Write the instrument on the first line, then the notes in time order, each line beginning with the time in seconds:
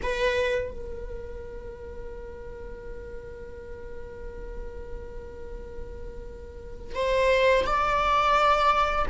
viola
0.03 B4
0.71 A#4
6.95 C5
7.66 D5